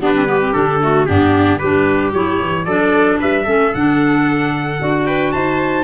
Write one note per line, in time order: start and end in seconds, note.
0.00 0.54 G3
0.00 0.13 B3
0.00 0.28 D4
0.00 0.53 B4
0.14 0.26 C4
0.26 0.39 B3
0.26 0.82 G4
0.41 0.53 C4
0.53 1.08 D3
0.53 0.80 D4
0.53 1.06 A4
0.80 1.07 A3
0.80 1.08 F#4
1.06 1.62 G2
1.06 1.60 B3
1.06 1.59 D4
1.06 1.58 G4
1.58 2.13 G3
1.58 2.13 D4
1.58 2.65 G4
1.58 2.11 B4
2.13 2.40 F#3
2.13 2.66 E4
2.13 2.65 C#5
2.40 2.66 E3
2.65 3.19 F#3
2.65 3.45 D4
2.65 3.19 A4
2.65 3.18 D5
3.20 3.46 G3
3.20 3.43 B4
3.20 3.74 E5
3.43 3.72 A3
3.43 3.71 C#4
3.43 5.02 A4
3.74 4.81 D3
3.74 4.79 D4
3.74 5.07 F#5
4.79 5.34 D4
4.79 5.84 F#4
5.06 5.33 B4
5.06 5.32 G5
5.32 5.84 D#4
5.32 5.84 C5
5.32 5.84 A5